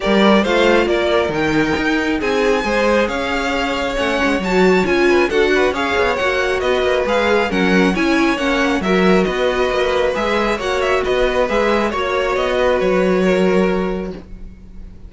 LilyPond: <<
  \new Staff \with { instrumentName = "violin" } { \time 4/4 \tempo 4 = 136 d''4 f''4 d''4 g''4~ | g''4 gis''2 f''4~ | f''4 fis''4 a''4 gis''4 | fis''4 f''4 fis''4 dis''4 |
f''4 fis''4 gis''4 fis''4 | e''4 dis''2 e''4 | fis''8 e''8 dis''4 e''4 cis''4 | dis''4 cis''2. | }
  \new Staff \with { instrumentName = "violin" } { \time 4/4 ais'4 c''4 ais'2~ | ais'4 gis'4 c''4 cis''4~ | cis''2.~ cis''8 b'8 | a'8 b'8 cis''2 b'4~ |
b'4 ais'4 cis''2 | ais'4 b'2. | cis''4 b'2 cis''4~ | cis''8 b'4. ais'2 | }
  \new Staff \with { instrumentName = "viola" } { \time 4/4 g'4 f'2 dis'4~ | dis'2 gis'2~ | gis'4 cis'4 fis'4 f'4 | fis'4 gis'4 fis'2 |
gis'4 cis'4 e'4 cis'4 | fis'2. gis'4 | fis'2 gis'4 fis'4~ | fis'1 | }
  \new Staff \with { instrumentName = "cello" } { \time 4/4 g4 a4 ais4 dis4 | dis'4 c'4 gis4 cis'4~ | cis'4 a8 gis8 fis4 cis'4 | d'4 cis'8 b8 ais4 b8 ais8 |
gis4 fis4 cis'4 ais4 | fis4 b4 ais4 gis4 | ais4 b4 gis4 ais4 | b4 fis2. | }
>>